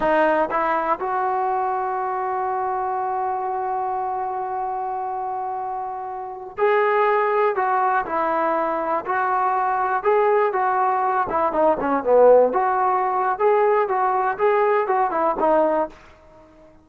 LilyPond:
\new Staff \with { instrumentName = "trombone" } { \time 4/4 \tempo 4 = 121 dis'4 e'4 fis'2~ | fis'1~ | fis'1~ | fis'4~ fis'16 gis'2 fis'8.~ |
fis'16 e'2 fis'4.~ fis'16~ | fis'16 gis'4 fis'4. e'8 dis'8 cis'16~ | cis'16 b4 fis'4.~ fis'16 gis'4 | fis'4 gis'4 fis'8 e'8 dis'4 | }